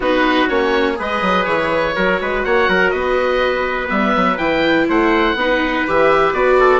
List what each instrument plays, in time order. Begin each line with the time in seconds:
0.00 bassoon B3, viola D#4, trumpet F#4, oboe B4
0.48 bassoon A#3, viola C#4, oboe C#5
0.95 bassoon G#3, viola G#4, trumpet B4, oboe D#5
1.21 bassoon F#3
1.44 bassoon E3, oboe C#5
1.95 bassoon F#3, viola F#4, trumpet A#4
2.21 bassoon G#3, trumpet B4
2.44 bassoon A#3, trumpet C#5, oboe F#5
2.68 bassoon F#3, trumpet A#4
2.90 bassoon B3, trumpet B4, oboe D#5
3.87 bassoon G3, viola B3, oboe E5
4.15 bassoon F#3
4.37 bassoon E3, viola E4, oboe G5
4.88 bassoon A3, trumpet C5, oboe F#5
5.34 bassoon B3, viola D#4, trumpet B4
5.87 bassoon E3, viola G4, oboe E5
6.32 bassoon B3, viola F#4, oboe D5
6.59 trumpet A4